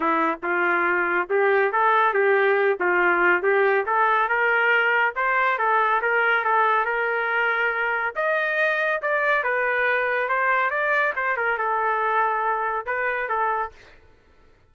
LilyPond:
\new Staff \with { instrumentName = "trumpet" } { \time 4/4 \tempo 4 = 140 e'4 f'2 g'4 | a'4 g'4. f'4. | g'4 a'4 ais'2 | c''4 a'4 ais'4 a'4 |
ais'2. dis''4~ | dis''4 d''4 b'2 | c''4 d''4 c''8 ais'8 a'4~ | a'2 b'4 a'4 | }